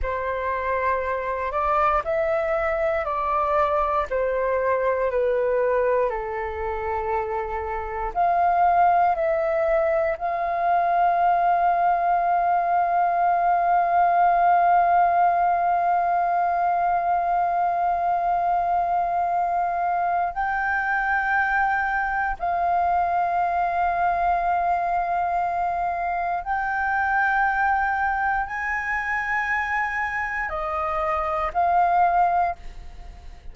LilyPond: \new Staff \with { instrumentName = "flute" } { \time 4/4 \tempo 4 = 59 c''4. d''8 e''4 d''4 | c''4 b'4 a'2 | f''4 e''4 f''2~ | f''1~ |
f''1 | g''2 f''2~ | f''2 g''2 | gis''2 dis''4 f''4 | }